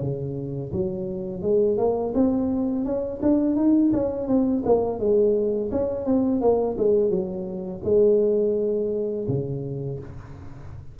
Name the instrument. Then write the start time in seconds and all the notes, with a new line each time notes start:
tuba
0.00 C#3
0.72 F#3
1.42 G#3
1.77 A#3
2.14 C4
2.84 C#4
3.22 D4
3.56 D#4
3.93 C#4
4.27 C4
4.65 A#3
4.99 G#3
5.71 C#4
6.05 C4
6.41 A#3
6.77 G#3
7.10 F#3
7.84 G#3
9.28 C#3